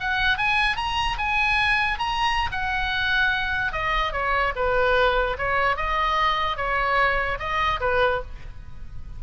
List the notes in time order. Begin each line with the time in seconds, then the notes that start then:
0.00 F#5
0.38 G#5
0.76 A#5
1.18 G#5
1.99 A#5
2.52 F#5
3.72 D#5
4.12 C#5
4.56 B4
5.38 C#5
5.77 D#5
6.57 C#5
7.40 D#5
7.81 B4